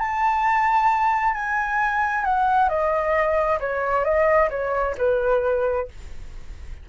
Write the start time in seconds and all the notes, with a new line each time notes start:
0.00 A5
1.35 G#5
2.25 F#5
2.69 D#5
3.61 C#5
4.05 D#5
4.51 C#5
4.98 B4